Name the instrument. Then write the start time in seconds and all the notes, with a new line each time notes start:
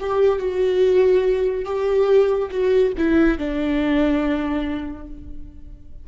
viola
0.00 G4
0.39 F#4
1.66 G4
2.51 F#4
2.98 E4
3.39 D4